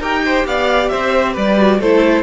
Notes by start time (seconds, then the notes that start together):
0.00 D#4 G4 A#4 G5
0.25 C5
0.46 B3 D5 F5
0.89 C4 C5 E5
1.33 G3 B4 D5
1.57 F#4
1.79 A3 E4 A4 C5